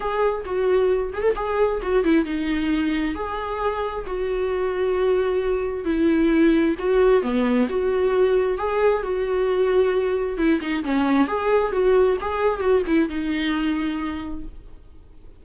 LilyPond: \new Staff \with { instrumentName = "viola" } { \time 4/4 \tempo 4 = 133 gis'4 fis'4. gis'16 a'16 gis'4 | fis'8 e'8 dis'2 gis'4~ | gis'4 fis'2.~ | fis'4 e'2 fis'4 |
b4 fis'2 gis'4 | fis'2. e'8 dis'8 | cis'4 gis'4 fis'4 gis'4 | fis'8 e'8 dis'2. | }